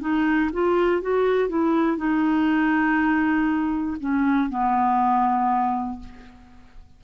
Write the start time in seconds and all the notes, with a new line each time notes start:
0.00 D#4
0.52 F4
1.01 F#4
1.48 E4
1.97 D#4
4.00 C#4
4.50 B3